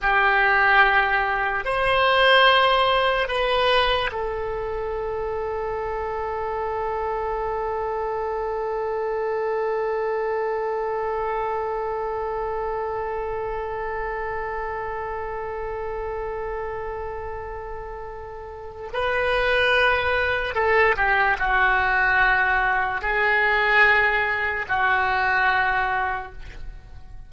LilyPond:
\new Staff \with { instrumentName = "oboe" } { \time 4/4 \tempo 4 = 73 g'2 c''2 | b'4 a'2.~ | a'1~ | a'1~ |
a'1~ | a'2. b'4~ | b'4 a'8 g'8 fis'2 | gis'2 fis'2 | }